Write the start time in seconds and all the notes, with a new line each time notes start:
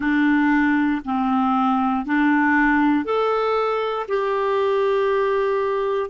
0.00 D4
1.04 C4
2.05 D4
3.04 A4
4.07 G4